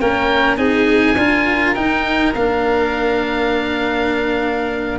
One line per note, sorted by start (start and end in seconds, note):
0.00 0.57 A#3
0.00 0.57 C#4
0.00 0.59 A#4
0.00 0.57 G5
0.57 1.16 C4
0.57 1.16 D#4
0.57 1.18 G#4
0.57 1.75 G#5
1.16 1.75 D4
1.16 1.76 F4
1.16 4.99 A#4
1.75 2.35 D#4
1.75 2.34 G5
2.35 4.99 A#3
2.35 4.99 D4
2.35 4.99 F5